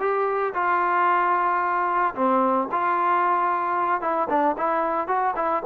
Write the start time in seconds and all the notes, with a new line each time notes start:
0.00 G4
0.54 F4
2.15 C4
2.72 F4
4.02 E4
4.30 D4
4.58 E4
5.08 F#4
5.37 E4